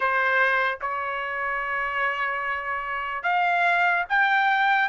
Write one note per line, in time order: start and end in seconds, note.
0.00 0.78 C5
0.81 3.23 C#5
3.23 4.04 F5
4.09 4.88 G5